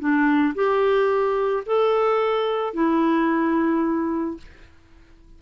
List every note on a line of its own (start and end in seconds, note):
0.00 0.55 D4
0.55 1.64 G4
1.67 2.74 A4
2.74 4.38 E4